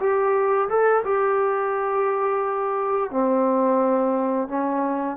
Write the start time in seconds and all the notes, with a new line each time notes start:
0.00 G4
0.69 A4
1.05 G4
3.11 C4
4.48 C#4